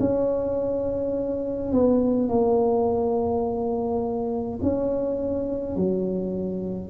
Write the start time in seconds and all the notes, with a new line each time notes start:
0.00 C#4
1.72 B3
2.29 A#3
4.63 C#4
5.76 F#3